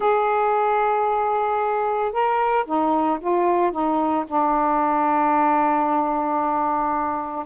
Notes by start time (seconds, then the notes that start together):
0.00 G#4
2.12 A#4
2.65 D#4
3.20 F4
3.71 D#4
4.27 D4